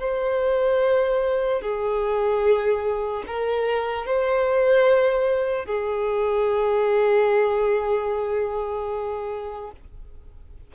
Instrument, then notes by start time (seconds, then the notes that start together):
violin
0.00 C5
1.62 G#4
3.27 A#4
4.07 C5
5.66 G#4